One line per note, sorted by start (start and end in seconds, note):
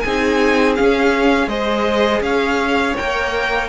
0.00 0.79 C4
0.00 1.49 G#4
0.00 0.73 G#5
0.06 0.77 D#4
0.75 1.49 C#4
0.75 1.47 C#4
0.75 1.48 F5
1.47 2.20 G#3
1.47 2.96 G#4
1.47 2.22 C5
1.47 2.21 D#5
2.21 2.94 C#4
2.21 3.68 C#5
2.21 2.96 F5
2.97 3.68 A#3
2.97 3.68 A#4
2.97 3.68 G5